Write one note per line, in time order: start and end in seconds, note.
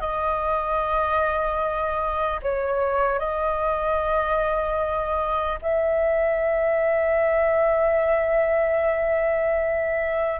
0.00 2.40 D#5
2.42 3.19 C#5
3.19 5.59 D#5
5.61 10.40 E5